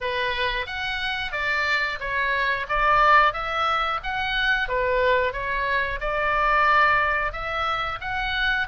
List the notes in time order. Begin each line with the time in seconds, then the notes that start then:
0.01 B4
0.66 F#5
1.32 D5
1.99 C#5
2.68 D5
3.33 E5
4.03 F#5
4.68 B4
5.32 C#5
6.00 D5
7.32 E5
8.01 F#5